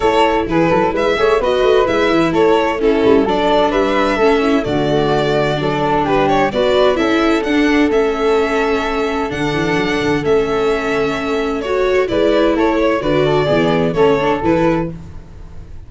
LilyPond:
<<
  \new Staff \with { instrumentName = "violin" } { \time 4/4 \tempo 4 = 129 cis''4 b'4 e''4 dis''4 | e''4 cis''4 a'4 d''4 | e''2 d''2~ | d''4 b'8 cis''8 d''4 e''4 |
fis''4 e''2. | fis''2 e''2~ | e''4 cis''4 d''4 cis''4 | d''2 cis''4 b'4 | }
  \new Staff \with { instrumentName = "flute" } { \time 4/4 a'4 gis'8 a'8 b'8 cis''8 b'4~ | b'4 a'4 e'4 a'4 | b'4 a'8 e'8 fis'2 | a'4 g'4 b'4 a'4~ |
a'1~ | a'1~ | a'2 b'4 a'8 cis''8 | b'8 a'8 gis'4 a'2 | }
  \new Staff \with { instrumentName = "viola" } { \time 4/4 e'2~ e'8 gis'8 fis'4 | e'2 cis'4 d'4~ | d'4 cis'4 a2 | d'2 fis'4 e'4 |
d'4 cis'2. | d'2 cis'2~ | cis'4 fis'4 e'2 | fis'4 b4 cis'8 d'8 e'4 | }
  \new Staff \with { instrumentName = "tuba" } { \time 4/4 a4 e8 fis8 gis8 a8 b8 a8 | gis8 e8 a4. g8 fis4 | g4 a4 d2 | fis4 g4 b4 cis'4 |
d'4 a2. | d8 e8 fis8 d8 a2~ | a2 gis4 a4 | d4 e4 a4 e4 | }
>>